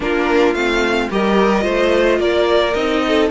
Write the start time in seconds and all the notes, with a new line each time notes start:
0.00 A#3 D4 F4 A#4
0.54 A3 C4 F5
1.10 G3 G4 A#4 D#5
1.61 A3 F4 C5
2.19 A#3 A#4 D5
2.73 C4 D#4 D#5
3.07 A4